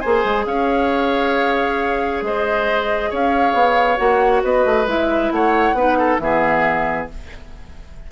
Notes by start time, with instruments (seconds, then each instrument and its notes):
0.00 bassoon A#3, clarinet G#4, oboe C5, flute G#5
0.25 bassoon G#3
0.46 bassoon C#4, oboe C#5, flute F5
2.22 bassoon G#3, oboe C5, flute D#5
3.10 bassoon C#4, oboe C#5, flute F5
3.53 bassoon B3
3.97 bassoon A#3, clarinet F#4, flute F#5
4.43 bassoon B3, oboe B4, flute D#5
4.65 bassoon A3
4.86 bassoon G#3, clarinet E4, flute E5
5.31 bassoon A3, oboe C#5, flute F#5
5.73 bassoon B3, clarinet D#4, oboe B4
5.99 oboe A4
6.19 bassoon E3, clarinet B3, oboe G#4, flute E5